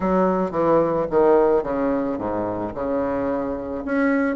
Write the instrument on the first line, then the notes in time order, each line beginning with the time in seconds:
bassoon
0.00 F#3
0.51 E3
1.10 D#3
1.63 C#3
2.18 G#2
2.74 C#3
3.85 C#4